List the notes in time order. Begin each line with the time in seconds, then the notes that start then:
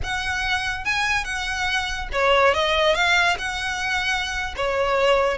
0.03 F#5
0.85 G#5
1.24 F#5
2.12 C#5
2.54 D#5
2.94 F5
3.38 F#5
4.56 C#5